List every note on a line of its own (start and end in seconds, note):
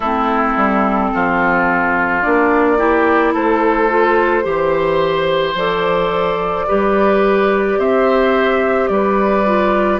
0.00 0.55 A3
0.00 2.22 C4
0.00 1.10 E4
0.00 2.22 A4
0.56 1.12 G3
1.14 2.25 F3
1.14 2.78 F4
2.22 3.34 A#3
2.22 2.77 D4
2.22 3.33 D5
2.77 3.88 E4
2.77 3.33 G4
3.33 4.44 A3
3.33 4.44 A4
3.33 5.57 C5
3.88 4.42 F4
4.42 5.54 E3
4.42 5.53 G4
4.42 6.66 C5
5.54 6.65 F3
5.54 6.67 A4
5.54 7.79 D5
6.67 7.78 G3
6.67 9.45 G4
6.67 7.78 B4
7.78 8.89 C4
7.78 8.89 C5
7.78 8.87 E5
8.87 9.99 G3
8.87 9.99 B4
8.87 9.98 D5
9.45 9.99 F4